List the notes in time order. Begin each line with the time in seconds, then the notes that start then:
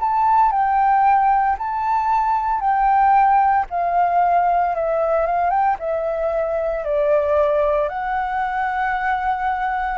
0.00 A5
0.51 G5
1.58 A5
2.60 G5
3.70 F5
4.75 E5
5.26 F5
5.50 G5
5.79 E5
6.84 D5
7.89 F#5